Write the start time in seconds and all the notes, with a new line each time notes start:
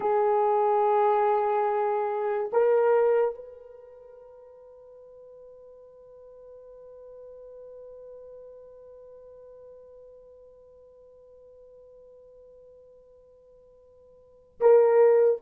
0.00 G#4
2.52 A#4
3.34 B4
14.60 A#4